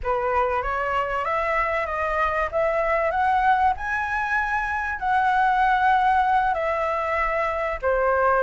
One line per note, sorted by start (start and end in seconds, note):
0.03 0.62 B4
0.62 1.24 C#5
1.24 1.86 E5
1.86 2.49 D#5
2.51 3.11 E5
3.11 3.73 F#5
3.76 4.99 G#5
4.99 6.53 F#5
6.53 7.78 E5
7.82 8.43 C5